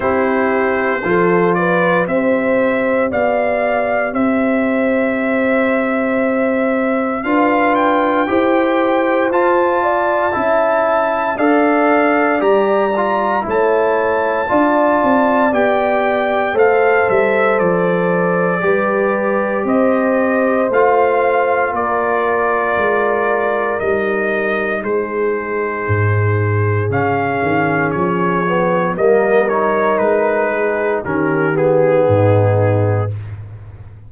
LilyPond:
<<
  \new Staff \with { instrumentName = "trumpet" } { \time 4/4 \tempo 4 = 58 c''4. d''8 e''4 f''4 | e''2. f''8 g''8~ | g''4 a''2 f''4 | ais''4 a''2 g''4 |
f''8 e''8 d''2 dis''4 | f''4 d''2 dis''4 | c''2 f''4 cis''4 | dis''8 cis''8 b'4 ais'8 gis'4. | }
  \new Staff \with { instrumentName = "horn" } { \time 4/4 g'4 a'8 b'8 c''4 d''4 | c''2. b'4 | c''4. d''8 e''4 d''4~ | d''4 cis''4 d''2 |
c''2 b'4 c''4~ | c''4 ais'2. | gis'1 | ais'4. gis'8 g'4 dis'4 | }
  \new Staff \with { instrumentName = "trombone" } { \time 4/4 e'4 f'4 g'2~ | g'2. f'4 | g'4 f'4 e'4 a'4 | g'8 f'8 e'4 f'4 g'4 |
a'2 g'2 | f'2. dis'4~ | dis'2 cis'4. b8 | ais8 dis'4. cis'8 b4. | }
  \new Staff \with { instrumentName = "tuba" } { \time 4/4 c'4 f4 c'4 b4 | c'2. d'4 | e'4 f'4 cis'4 d'4 | g4 a4 d'8 c'8 b4 |
a8 g8 f4 g4 c'4 | a4 ais4 gis4 g4 | gis4 gis,4 cis8 dis8 f4 | g4 gis4 dis4 gis,4 | }
>>